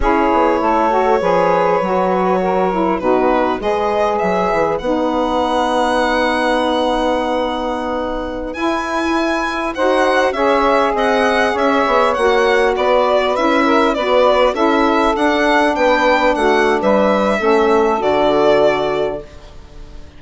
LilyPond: <<
  \new Staff \with { instrumentName = "violin" } { \time 4/4 \tempo 4 = 100 cis''1~ | cis''4 b'4 dis''4 e''4 | fis''1~ | fis''2~ fis''16 gis''4.~ gis''16~ |
gis''16 fis''4 e''4 fis''4 e''8.~ | e''16 fis''4 d''4 e''4 d''8.~ | d''16 e''4 fis''4 g''4 fis''8. | e''2 d''2 | }
  \new Staff \with { instrumentName = "saxophone" } { \time 4/4 gis'4 a'4 b'2 | ais'4 fis'4 b'2~ | b'1~ | b'1~ |
b'16 c''4 cis''4 dis''4 cis''8.~ | cis''4~ cis''16 b'4. ais'8 b'8.~ | b'16 a'2 b'4 fis'8. | b'4 a'2. | }
  \new Staff \with { instrumentName = "saxophone" } { \time 4/4 e'4. fis'8 gis'4 fis'4~ | fis'8 e'8 dis'4 gis'2 | dis'1~ | dis'2~ dis'16 e'4.~ e'16~ |
e'16 fis'4 gis'2~ gis'8.~ | gis'16 fis'2 e'4 fis'8.~ | fis'16 e'4 d'2~ d'8.~ | d'4 cis'4 fis'2 | }
  \new Staff \with { instrumentName = "bassoon" } { \time 4/4 cis'8 b8 a4 f4 fis4~ | fis4 b,4 gis4 fis8 e8 | b1~ | b2~ b16 e'4.~ e'16~ |
e'16 dis'4 cis'4 c'4 cis'8 b16~ | b16 ais4 b4 cis'4 b8.~ | b16 cis'4 d'4 b4 a8. | g4 a4 d2 | }
>>